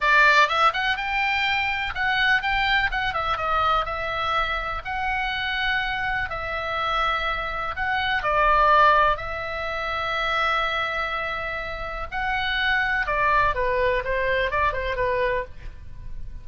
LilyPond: \new Staff \with { instrumentName = "oboe" } { \time 4/4 \tempo 4 = 124 d''4 e''8 fis''8 g''2 | fis''4 g''4 fis''8 e''8 dis''4 | e''2 fis''2~ | fis''4 e''2. |
fis''4 d''2 e''4~ | e''1~ | e''4 fis''2 d''4 | b'4 c''4 d''8 c''8 b'4 | }